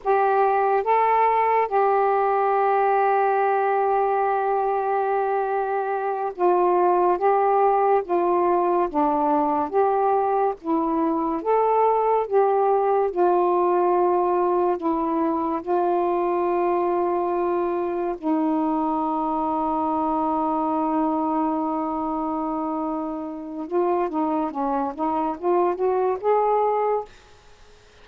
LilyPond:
\new Staff \with { instrumentName = "saxophone" } { \time 4/4 \tempo 4 = 71 g'4 a'4 g'2~ | g'2.~ g'8 f'8~ | f'8 g'4 f'4 d'4 g'8~ | g'8 e'4 a'4 g'4 f'8~ |
f'4. e'4 f'4.~ | f'4. dis'2~ dis'8~ | dis'1 | f'8 dis'8 cis'8 dis'8 f'8 fis'8 gis'4 | }